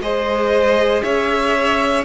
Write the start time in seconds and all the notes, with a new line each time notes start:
0.00 G#3 G#4 C5 D#5
1.02 C#4 C#5 E5